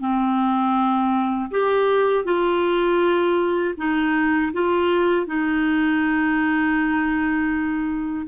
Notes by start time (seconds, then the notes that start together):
0.00 C4
1.50 G4
2.24 F4
3.77 D#4
4.53 F4
5.26 D#4